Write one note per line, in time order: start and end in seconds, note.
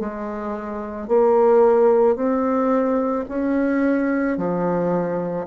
0.00 1.08 G#3
1.08 2.16 A#3
2.16 3.25 C4
3.29 4.38 C#4
4.38 5.47 F3